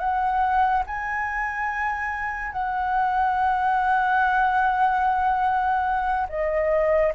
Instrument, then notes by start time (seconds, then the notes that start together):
flute
0.00 F#5
0.87 G#5
2.53 F#5
6.30 D#5